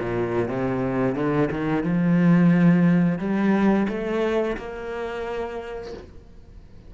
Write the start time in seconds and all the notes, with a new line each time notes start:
0.00 A#2
0.49 C3
1.15 D3
1.52 D#3
1.84 F3
3.19 G3
3.89 A3
4.57 A#3